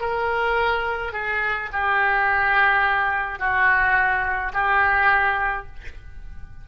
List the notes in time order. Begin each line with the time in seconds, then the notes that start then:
0.00 A#4
1.13 G#4
1.72 G4
3.39 F#4
4.53 G4